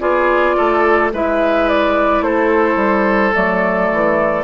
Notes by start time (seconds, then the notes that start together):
0.00 B3 F4 G#4 D5
0.57 A3 A4
1.13 G#3 E4 B4 E5
1.69 D5
2.21 A3 A4 C5
2.76 G3
3.34 F#3 A3 D5
3.92 E3